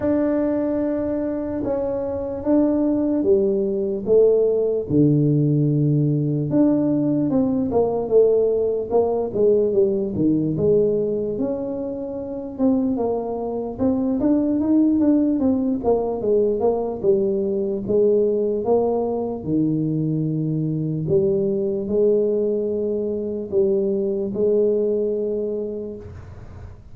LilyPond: \new Staff \with { instrumentName = "tuba" } { \time 4/4 \tempo 4 = 74 d'2 cis'4 d'4 | g4 a4 d2 | d'4 c'8 ais8 a4 ais8 gis8 | g8 dis8 gis4 cis'4. c'8 |
ais4 c'8 d'8 dis'8 d'8 c'8 ais8 | gis8 ais8 g4 gis4 ais4 | dis2 g4 gis4~ | gis4 g4 gis2 | }